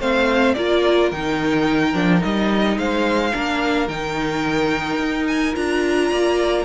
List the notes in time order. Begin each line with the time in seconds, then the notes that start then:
0.00 A3 C4 C5 F5
0.54 A#3 F4 A#4 D5
1.11 D#3 D#4 G5
1.94 F3 D4
2.19 G3 D#4 D#5
2.77 G#3 C5 F5
3.32 A#3 D4 A#4
3.88 D#3 D#4 G5
4.99 D#4
5.27 G#5
5.55 D4 F4 A#5
6.10 A#3 D5